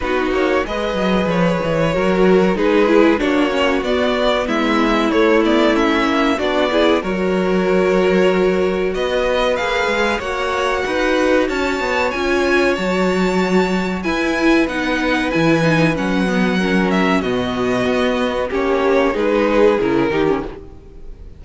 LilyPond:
<<
  \new Staff \with { instrumentName = "violin" } { \time 4/4 \tempo 4 = 94 b'8 cis''8 dis''4 cis''2 | b'4 cis''4 d''4 e''4 | cis''8 d''8 e''4 d''4 cis''4~ | cis''2 dis''4 f''4 |
fis''2 a''4 gis''4 | a''2 gis''4 fis''4 | gis''4 fis''4. e''8 dis''4~ | dis''4 cis''4 b'4 ais'4 | }
  \new Staff \with { instrumentName = "violin" } { \time 4/4 fis'4 b'2 ais'4 | gis'4 fis'2 e'4~ | e'2 fis'8 gis'8 ais'4~ | ais'2 b'2 |
cis''4 b'4 cis''2~ | cis''2 b'2~ | b'2 ais'4 fis'4~ | fis'4 g'4 gis'4. g'8 | }
  \new Staff \with { instrumentName = "viola" } { \time 4/4 dis'4 gis'2 fis'4 | dis'8 e'8 d'8 cis'8 b2 | a8 b8 cis'4 d'8 e'8 fis'4~ | fis'2. gis'4 |
fis'2. f'4 | fis'2 e'4 dis'4 | e'8 dis'8 cis'8 b8 cis'4 b4~ | b4 cis'4 dis'4 e'8 dis'16 cis'16 | }
  \new Staff \with { instrumentName = "cello" } { \time 4/4 b8 ais8 gis8 fis8 f8 e8 fis4 | gis4 ais4 b4 gis4 | a4. ais8 b4 fis4~ | fis2 b4 ais8 gis8 |
ais4 dis'4 cis'8 b8 cis'4 | fis2 e'4 b4 | e4 fis2 b,4 | b4 ais4 gis4 cis8 dis8 | }
>>